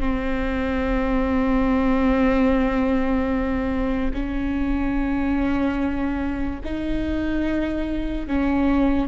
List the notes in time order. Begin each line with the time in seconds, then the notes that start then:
0.00 C4
4.13 C#4
6.64 D#4
8.27 C#4